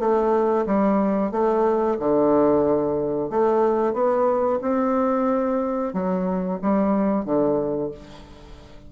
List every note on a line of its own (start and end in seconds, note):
0.00 0.66 A3
0.67 1.32 G3
1.32 1.98 A3
2.00 3.30 D3
3.30 3.94 A3
3.94 4.60 B3
4.62 5.94 C4
5.94 6.60 F#3
6.62 7.26 G3
7.26 7.92 D3